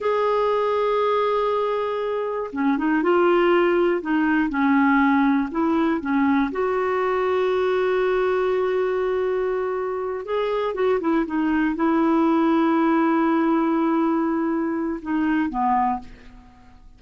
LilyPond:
\new Staff \with { instrumentName = "clarinet" } { \time 4/4 \tempo 4 = 120 gis'1~ | gis'4 cis'8 dis'8 f'2 | dis'4 cis'2 e'4 | cis'4 fis'2.~ |
fis'1~ | fis'8 gis'4 fis'8 e'8 dis'4 e'8~ | e'1~ | e'2 dis'4 b4 | }